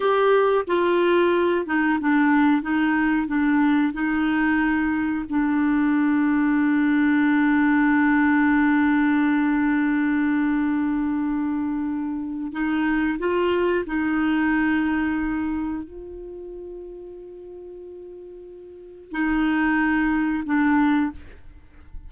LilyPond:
\new Staff \with { instrumentName = "clarinet" } { \time 4/4 \tempo 4 = 91 g'4 f'4. dis'8 d'4 | dis'4 d'4 dis'2 | d'1~ | d'1~ |
d'2. dis'4 | f'4 dis'2. | f'1~ | f'4 dis'2 d'4 | }